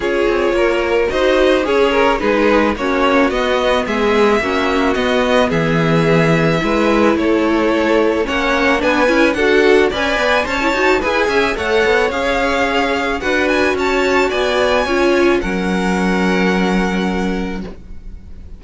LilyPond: <<
  \new Staff \with { instrumentName = "violin" } { \time 4/4 \tempo 4 = 109 cis''2 dis''4 gis'8 ais'8 | b'4 cis''4 dis''4 e''4~ | e''4 dis''4 e''2~ | e''4 cis''2 fis''4 |
gis''4 fis''4 gis''4 a''4 | gis''4 fis''4 f''2 | fis''8 gis''8 a''4 gis''2 | fis''1 | }
  \new Staff \with { instrumentName = "violin" } { \time 4/4 gis'4 ais'4 c''4 cis''4 | gis'4 fis'2 gis'4 | fis'2 gis'2 | b'4 a'2 cis''4 |
b'4 a'4 d''4 cis''4 | b'8 e''8 cis''2. | b'4 cis''4 d''4 cis''4 | ais'1 | }
  \new Staff \with { instrumentName = "viola" } { \time 4/4 f'2 fis'4 gis'4 | dis'4 cis'4 b2 | cis'4 b2. | e'2. cis'4 |
d'8 e'8 fis'4 b'4 c''16 e'16 fis'8 | gis'4 a'4 gis'2 | fis'2. f'4 | cis'1 | }
  \new Staff \with { instrumentName = "cello" } { \time 4/4 cis'8 c'8 ais4 dis'4 cis'4 | gis4 ais4 b4 gis4 | ais4 b4 e2 | gis4 a2 ais4 |
b8 cis'8 d'4 cis'8 b8 cis'8 dis'8 | e'8 cis'8 a8 b8 cis'2 | d'4 cis'4 b4 cis'4 | fis1 | }
>>